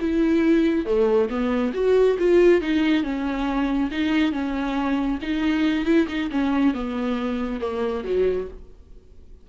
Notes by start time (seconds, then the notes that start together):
0.00 E4
0.85 A3
1.29 B3
1.73 F#4
2.19 F4
2.61 D#4
3.03 C#4
3.91 D#4
4.32 C#4
5.22 D#4
5.85 E4
6.08 D#4
6.31 C#4
6.74 B3
7.60 A#3
8.04 F#3